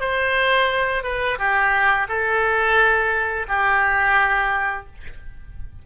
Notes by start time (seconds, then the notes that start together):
0.00 C5
1.03 B4
1.39 G4
2.08 A4
3.48 G4